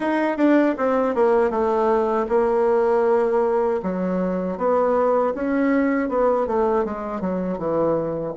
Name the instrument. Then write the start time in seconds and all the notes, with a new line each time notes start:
bassoon
0.00 D#4
0.37 D4
0.77 C4
1.14 A#3
1.50 A3
2.29 A#3
3.82 F#3
4.57 B3
5.34 C#4
6.08 B3
6.46 A3
6.85 G#3
7.20 F#3
7.58 E3